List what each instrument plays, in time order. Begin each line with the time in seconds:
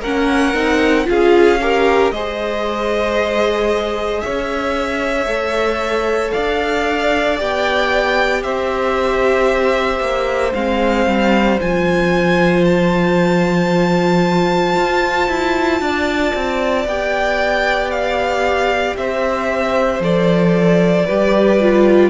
0.00 cello A#3, viola C#4, violin A#4 F#5
0.54 cello C4, viola D#4
1.04 cello C#4, viola F4, violin G#4 F5
1.61 viola G4, violin A#4
2.11 cello G#3, viola G#4, violin C5 D#5
4.20 violin C#5 E5
4.27 cello C#4
5.26 cello A3, viola A4
6.31 cello D4, violin D5 F5
7.37 cello B3, viola G4, violin G5
8.43 cello C4, violin C5 E5
10.00 cello A#3
10.54 cello G#3, viola C4, violin F5
11.06 cello G3
11.59 cello F3, viola F4, violin G#5
12.65 violin A5
14.76 cello F4
15.28 cello E4
15.80 cello D4, violin D5
16.34 cello C4
16.85 cello B3, viola G4, violin G5
17.91 violin F5
18.96 cello C4, violin C5 E5
19.99 cello F3, viola A4, violin D5
21.05 cello G3, viola G4, violin B4
21.61 viola F4